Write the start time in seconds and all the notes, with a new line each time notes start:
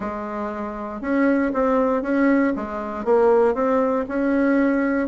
0.00 G#3
1.01 C#4
1.53 C4
2.02 C#4
2.55 G#3
3.04 A#3
3.54 C4
4.08 C#4